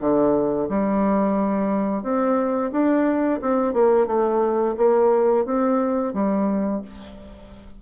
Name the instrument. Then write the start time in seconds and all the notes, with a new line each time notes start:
bassoon
0.00 D3
0.69 G3
2.03 C4
2.71 D4
3.41 C4
3.73 A#3
4.06 A3
4.77 A#3
5.45 C4
6.13 G3